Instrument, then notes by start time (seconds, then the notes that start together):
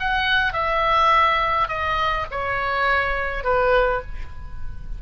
oboe
0.00 F#5
0.53 E5
1.69 D#5
2.31 C#5
3.44 B4